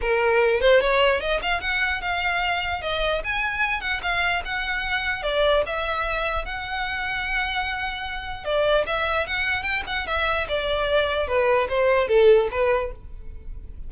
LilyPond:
\new Staff \with { instrumentName = "violin" } { \time 4/4 \tempo 4 = 149 ais'4. c''8 cis''4 dis''8 f''8 | fis''4 f''2 dis''4 | gis''4. fis''8 f''4 fis''4~ | fis''4 d''4 e''2 |
fis''1~ | fis''4 d''4 e''4 fis''4 | g''8 fis''8 e''4 d''2 | b'4 c''4 a'4 b'4 | }